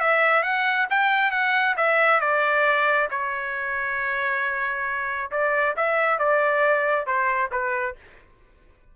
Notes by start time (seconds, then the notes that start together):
0.00 E5
0.43 F#5
0.90 G5
1.31 F#5
1.76 E5
2.20 D5
3.10 C#5
5.31 D5
5.76 E5
6.19 D5
7.06 C5
7.52 B4